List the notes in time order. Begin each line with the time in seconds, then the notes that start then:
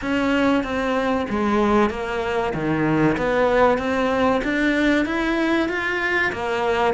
0.01 C#4
0.63 C4
1.29 G#3
1.89 A#3
2.53 D#3
3.17 B3
3.78 C4
4.44 D4
5.05 E4
5.68 F4
6.32 A#3